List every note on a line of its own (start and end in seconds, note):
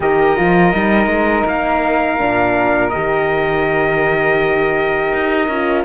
0.00 0.35 D#3
0.00 0.36 G4
0.00 5.84 A#4
0.00 1.47 D#5
0.36 0.73 F3
0.36 0.73 F4
0.73 1.06 G3
0.73 2.19 D#4
1.06 1.43 G#3
1.46 2.19 A#3
1.46 2.89 F5
2.19 2.93 A#2
2.19 2.92 D4
2.89 5.12 D#3
2.89 5.50 G4
2.89 5.82 D#5
5.12 5.48 D#4
5.48 5.84 C#4
5.48 5.84 F4